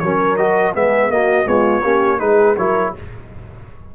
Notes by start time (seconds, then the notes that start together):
0.00 F#3 C#4 A#4 C#5
0.37 F#4 D#5
0.74 G#3 B3 G#4 E5
1.10 A#3 F#4 D#5
1.45 G#3 B3 F4 C#5
1.84 A#3 C#4 G4
2.19 G#3 D#4 G#4 B4
2.57 F#3 E4 A#4 C#5